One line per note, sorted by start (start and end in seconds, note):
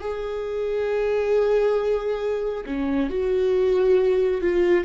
0.00 2.65 G#4
2.66 3.10 C#4
3.10 4.42 F#4
4.42 4.85 F4